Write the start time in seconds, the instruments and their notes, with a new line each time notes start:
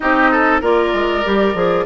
0.00 bassoon C4, clarinet D#4, oboe G4, flute D#5
0.31 oboe A4
0.61 bassoon A#3, clarinet F4, oboe A#4, flute D5
0.93 bassoon G#3
1.24 bassoon G3, clarinet G4
1.54 bassoon F3, clarinet G#4